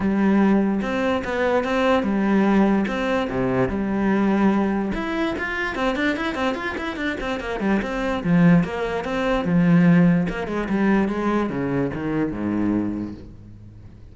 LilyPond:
\new Staff \with { instrumentName = "cello" } { \time 4/4 \tempo 4 = 146 g2 c'4 b4 | c'4 g2 c'4 | c4 g2. | e'4 f'4 c'8 d'8 e'8 c'8 |
f'8 e'8 d'8 c'8 ais8 g8 c'4 | f4 ais4 c'4 f4~ | f4 ais8 gis8 g4 gis4 | cis4 dis4 gis,2 | }